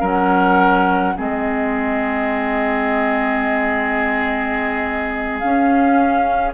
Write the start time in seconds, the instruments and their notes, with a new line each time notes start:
0.00 bassoon F#3, clarinet C#4, oboe A#4, flute F#5
1.17 bassoon G#3, clarinet C4, oboe G#4, flute D#5
5.39 bassoon C#4, clarinet C#4, flute F5